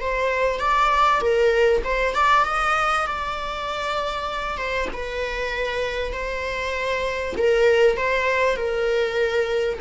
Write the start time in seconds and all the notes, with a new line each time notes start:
0.00 C5
0.59 D5
1.21 A#4
1.84 C5
2.14 D5
2.45 D#5
3.06 D5
4.57 C5
4.93 B4
6.12 C5
7.37 A#4
7.96 C5
8.55 A#4